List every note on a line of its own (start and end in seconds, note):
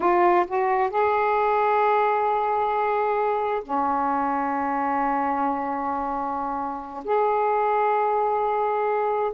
0.00 0.45 F4
0.47 0.89 F#4
0.89 3.62 G#4
3.63 7.04 C#4
7.04 9.31 G#4